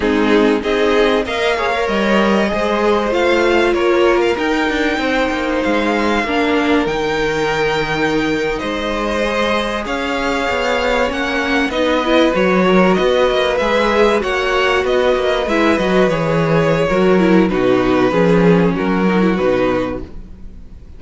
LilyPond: <<
  \new Staff \with { instrumentName = "violin" } { \time 4/4 \tempo 4 = 96 gis'4 dis''4 f''4 dis''4~ | dis''4 f''4 cis''8. f''16 g''4~ | g''4 f''2 g''4~ | g''4.~ g''16 dis''2 f''16~ |
f''4.~ f''16 fis''4 dis''4 cis''16~ | cis''8. dis''4 e''4 fis''4 dis''16~ | dis''8. e''8 dis''8 cis''2~ cis''16 | b'2 ais'4 b'4 | }
  \new Staff \with { instrumentName = "violin" } { \time 4/4 dis'4 gis'4 dis''8 cis''4. | c''2 ais'2 | c''2 ais'2~ | ais'4.~ ais'16 c''2 cis''16~ |
cis''2~ cis''8. b'4~ b'16~ | b'16 ais'8 b'2 cis''4 b'16~ | b'2. ais'4 | fis'4 gis'4 fis'2 | }
  \new Staff \with { instrumentName = "viola" } { \time 4/4 c'4 dis'4 ais'8 gis'16 ais'4~ ais'16 | gis'4 f'2 dis'4~ | dis'2 d'4 dis'4~ | dis'2~ dis'8. gis'4~ gis'16~ |
gis'4.~ gis'16 cis'4 dis'8 e'8 fis'16~ | fis'4.~ fis'16 gis'4 fis'4~ fis'16~ | fis'8. e'8 fis'8 gis'4~ gis'16 fis'8 e'8 | dis'4 cis'4. dis'16 e'16 dis'4 | }
  \new Staff \with { instrumentName = "cello" } { \time 4/4 gis4 c'4 ais4 g4 | gis4 a4 ais4 dis'8 d'8 | c'8 ais8 gis4 ais4 dis4~ | dis4.~ dis16 gis2 cis'16~ |
cis'8. b4 ais4 b4 fis16~ | fis8. b8 ais8 gis4 ais4 b16~ | b16 ais8 gis8 fis8 e4~ e16 fis4 | b,4 f4 fis4 b,4 | }
>>